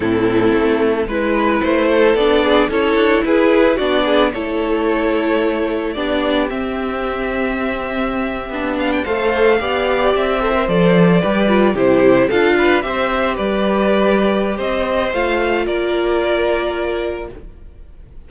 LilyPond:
<<
  \new Staff \with { instrumentName = "violin" } { \time 4/4 \tempo 4 = 111 a'2 b'4 c''4 | d''4 cis''4 b'4 d''4 | cis''2. d''4 | e''1~ |
e''16 f''16 g''16 f''2 e''4 d''16~ | d''4.~ d''16 c''4 f''4 e''16~ | e''8. d''2~ d''16 dis''4 | f''4 d''2. | }
  \new Staff \with { instrumentName = "violin" } { \time 4/4 e'2 b'4. a'8~ | a'8 gis'8 a'4 gis'4 fis'8 gis'8 | a'2. g'4~ | g'1~ |
g'8. c''4 d''4. c''8.~ | c''8. b'4 g'4 a'8 b'8 c''16~ | c''8. b'2~ b'16 c''4~ | c''4 ais'2. | }
  \new Staff \with { instrumentName = "viola" } { \time 4/4 c'2 e'2 | d'4 e'2 d'4 | e'2. d'4 | c'2.~ c'8. d'16~ |
d'8. a'4 g'4. a'16 ais'16 a'16~ | a'8. g'8 f'8 e'4 f'4 g'16~ | g'1 | f'1 | }
  \new Staff \with { instrumentName = "cello" } { \time 4/4 a,4 a4 gis4 a4 | b4 cis'8 d'8 e'4 b4 | a2. b4 | c'2.~ c'8. b16~ |
b8. a4 b4 c'4 f16~ | f8. g4 c4 d'4 c'16~ | c'8. g2~ g16 c'4 | a4 ais2. | }
>>